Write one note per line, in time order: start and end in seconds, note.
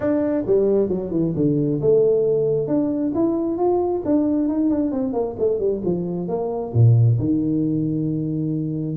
0.00 0.44 D4
0.46 0.89 G3
0.89 1.11 F#3
1.11 1.33 E3
1.36 1.81 D3
1.81 2.67 A3
2.67 3.12 D4
3.14 3.57 E4
3.57 4.02 F4
4.05 4.48 D4
4.48 4.69 D#4
4.69 4.91 D4
4.91 5.13 C4
5.13 5.35 A#3
5.38 5.59 A3
5.59 5.81 G3
5.85 6.28 F3
6.28 6.72 A#3
6.73 7.18 A#2
7.18 8.96 D#3